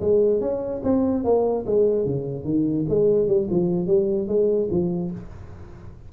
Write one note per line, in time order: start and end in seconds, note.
0.00 0.40 G#3
0.40 0.81 C#4
0.83 1.24 C4
1.24 1.65 A#3
1.66 2.05 G#3
2.05 2.44 C#3
2.44 2.85 D#3
2.88 3.27 G#3
3.27 3.47 G3
3.50 3.87 F3
3.87 4.27 G3
4.27 4.68 G#3
4.70 5.11 F3